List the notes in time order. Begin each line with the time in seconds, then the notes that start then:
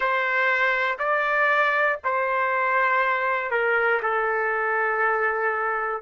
0.00 C5
0.99 D5
2.04 C5
3.50 A#4
4.02 A4